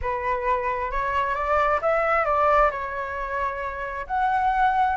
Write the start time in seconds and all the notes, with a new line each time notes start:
0.01 B4
0.91 C#5
1.34 D5
1.81 E5
2.25 D5
2.70 C#5
4.07 F#5